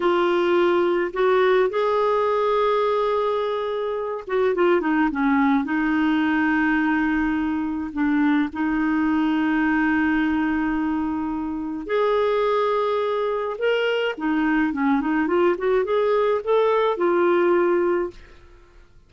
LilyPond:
\new Staff \with { instrumentName = "clarinet" } { \time 4/4 \tempo 4 = 106 f'2 fis'4 gis'4~ | gis'2.~ gis'8 fis'8 | f'8 dis'8 cis'4 dis'2~ | dis'2 d'4 dis'4~ |
dis'1~ | dis'4 gis'2. | ais'4 dis'4 cis'8 dis'8 f'8 fis'8 | gis'4 a'4 f'2 | }